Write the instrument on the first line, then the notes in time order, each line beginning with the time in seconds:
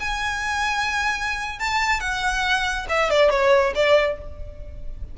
violin
0.00 G#5
1.60 A5
2.01 F#5
2.89 E5
3.11 D5
3.31 C#5
3.75 D5